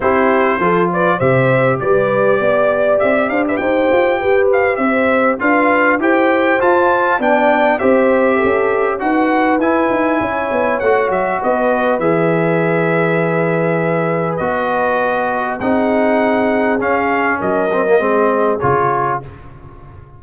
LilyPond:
<<
  \new Staff \with { instrumentName = "trumpet" } { \time 4/4 \tempo 4 = 100 c''4. d''8 e''4 d''4~ | d''4 e''8 f''16 e''16 g''4. f''8 | e''4 f''4 g''4 a''4 | g''4 e''2 fis''4 |
gis''2 fis''8 e''8 dis''4 | e''1 | dis''2 fis''2 | f''4 dis''2 cis''4 | }
  \new Staff \with { instrumentName = "horn" } { \time 4/4 g'4 a'8 b'8 c''4 b'4 | d''4. c''16 b'16 c''4 b'4 | c''4 b'4 c''2 | d''4 c''4 a'4 b'4~ |
b'4 cis''2 b'4~ | b'1~ | b'2 gis'2~ | gis'4 ais'4 gis'2 | }
  \new Staff \with { instrumentName = "trombone" } { \time 4/4 e'4 f'4 g'2~ | g'1~ | g'4 f'4 g'4 f'4 | d'4 g'2 fis'4 |
e'2 fis'2 | gis'1 | fis'2 dis'2 | cis'4. c'16 ais16 c'4 f'4 | }
  \new Staff \with { instrumentName = "tuba" } { \time 4/4 c'4 f4 c4 g4 | b4 c'8 d'8 dis'8 f'8 g'4 | c'4 d'4 e'4 f'4 | b4 c'4 cis'4 dis'4 |
e'8 dis'8 cis'8 b8 a8 fis8 b4 | e1 | b2 c'2 | cis'4 fis4 gis4 cis4 | }
>>